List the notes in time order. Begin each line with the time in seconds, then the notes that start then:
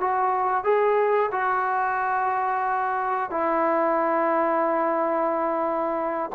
0.00 F#4
0.63 G#4
1.31 F#4
3.30 E4